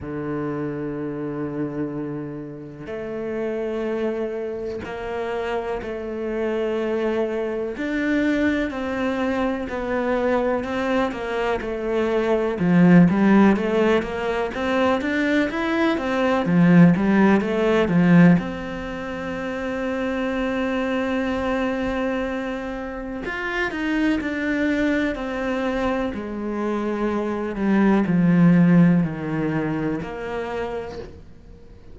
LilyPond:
\new Staff \with { instrumentName = "cello" } { \time 4/4 \tempo 4 = 62 d2. a4~ | a4 ais4 a2 | d'4 c'4 b4 c'8 ais8 | a4 f8 g8 a8 ais8 c'8 d'8 |
e'8 c'8 f8 g8 a8 f8 c'4~ | c'1 | f'8 dis'8 d'4 c'4 gis4~ | gis8 g8 f4 dis4 ais4 | }